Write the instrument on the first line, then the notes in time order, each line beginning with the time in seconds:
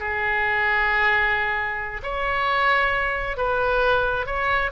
oboe
0.00 G#4
2.03 C#5
3.37 B4
4.27 C#5